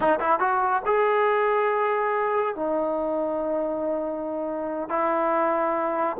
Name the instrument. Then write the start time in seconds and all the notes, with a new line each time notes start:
trombone
0.00 D#4
0.20 E4
0.39 F#4
0.85 G#4
2.55 D#4
4.89 E4